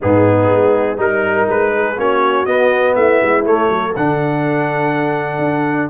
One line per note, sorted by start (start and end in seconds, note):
0.00 0.50 G#2
0.00 0.97 B3
0.00 0.99 D#4
0.00 0.99 G#4
0.50 0.98 G#3
0.97 1.47 G3
0.97 1.95 D#4
0.97 1.73 A#4
0.97 1.49 A#4
1.48 1.97 G#3
1.48 1.99 B4
1.74 1.98 G#4
1.97 2.45 A#3
1.97 2.46 C#4
1.97 2.95 F#4
1.97 2.45 C#5
2.45 2.94 B3
2.45 3.44 B3
2.45 2.94 D#5
2.95 3.20 A3
2.95 3.69 E4
2.95 3.44 E5
3.22 3.43 G#3
3.43 3.68 A3
3.43 3.94 A3
3.43 3.95 C#5
3.69 3.93 F#3
3.69 5.89 A4
3.96 5.38 D3
3.96 5.89 D4
3.96 5.89 F#5
5.38 5.87 D4